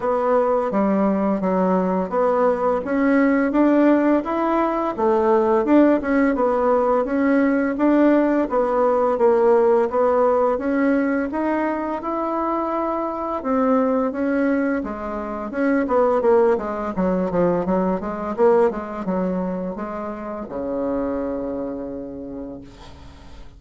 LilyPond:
\new Staff \with { instrumentName = "bassoon" } { \time 4/4 \tempo 4 = 85 b4 g4 fis4 b4 | cis'4 d'4 e'4 a4 | d'8 cis'8 b4 cis'4 d'4 | b4 ais4 b4 cis'4 |
dis'4 e'2 c'4 | cis'4 gis4 cis'8 b8 ais8 gis8 | fis8 f8 fis8 gis8 ais8 gis8 fis4 | gis4 cis2. | }